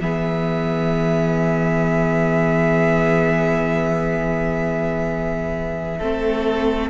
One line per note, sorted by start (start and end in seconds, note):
0.00 6.00 E3
0.00 6.00 B3
0.00 5.99 G#4
0.00 6.91 E5
5.99 6.91 A3
5.99 6.91 C4
5.99 6.91 A4